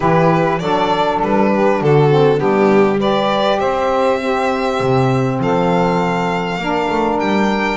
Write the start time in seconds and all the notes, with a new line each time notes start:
0.00 E3 E4 G4 B4
0.59 F#3 D4 A4 D5
1.21 G3 B4
1.53 G4
1.80 D3 F#4 A4
2.09 C4
2.37 G3 B3 D4 G4
2.99 G4 B4 D5
3.59 C4 C5 E5
4.19 C4 G4
4.80 C3
5.39 F3 A4 F5
6.58 A#3 D4 A#4
6.89 A3
7.19 G3 G5